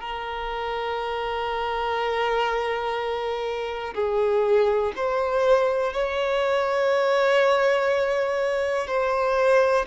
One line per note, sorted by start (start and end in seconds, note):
0.00 3.93 A#4
3.94 4.92 G#4
4.95 5.93 C5
5.93 8.87 C#5
8.87 9.85 C5